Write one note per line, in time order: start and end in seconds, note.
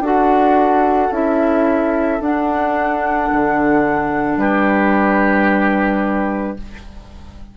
0.00 1.09 D4
0.00 1.12 F#4
0.00 4.39 A4
0.00 1.13 F#5
1.11 2.20 C#4
1.11 2.21 E4
1.11 2.22 E5
2.21 3.30 D4
2.21 6.57 D4
2.21 4.39 F#5
3.33 4.37 D3
4.37 6.55 G3
4.37 6.57 G4
4.37 6.57 B4